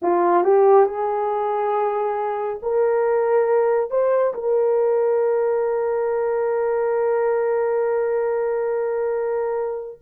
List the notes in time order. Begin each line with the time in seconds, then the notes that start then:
0.02 F4
0.43 G4
0.85 G#4
2.62 A#4
3.90 C5
4.34 A#4